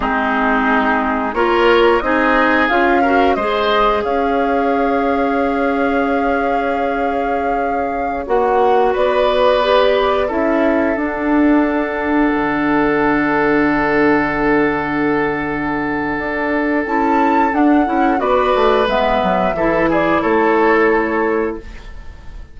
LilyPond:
<<
  \new Staff \with { instrumentName = "flute" } { \time 4/4 \tempo 4 = 89 gis'2 cis''4 dis''4 | f''4 dis''4 f''2~ | f''1~ | f''16 fis''4 d''2 e''8.~ |
e''16 fis''2.~ fis''8.~ | fis''1~ | fis''4 a''4 fis''4 d''4 | e''4. d''8 cis''2 | }
  \new Staff \with { instrumentName = "oboe" } { \time 4/4 dis'2 ais'4 gis'4~ | gis'8 ais'8 c''4 cis''2~ | cis''1~ | cis''4~ cis''16 b'2 a'8.~ |
a'1~ | a'1~ | a'2. b'4~ | b'4 a'8 gis'8 a'2 | }
  \new Staff \with { instrumentName = "clarinet" } { \time 4/4 c'2 f'4 dis'4 | f'8 fis'8 gis'2.~ | gis'1~ | gis'16 fis'2 g'4 e'8.~ |
e'16 d'2.~ d'8.~ | d'1~ | d'4 e'4 d'8 e'8 fis'4 | b4 e'2. | }
  \new Staff \with { instrumentName = "bassoon" } { \time 4/4 gis2 ais4 c'4 | cis'4 gis4 cis'2~ | cis'1~ | cis'16 ais4 b2 cis'8.~ |
cis'16 d'2 d4.~ d16~ | d1 | d'4 cis'4 d'8 cis'8 b8 a8 | gis8 fis8 e4 a2 | }
>>